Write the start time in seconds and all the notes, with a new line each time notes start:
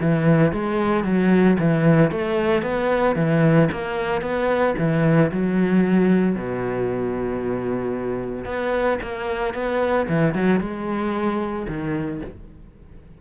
0.00 E3
0.52 G#3
1.04 F#3
1.59 E3
2.11 A3
2.62 B3
3.15 E3
3.71 A#3
4.21 B3
4.78 E3
5.31 F#3
6.35 B2
8.44 B3
9.02 A#3
9.53 B3
10.08 E3
10.34 F#3
10.60 G#3
11.67 D#3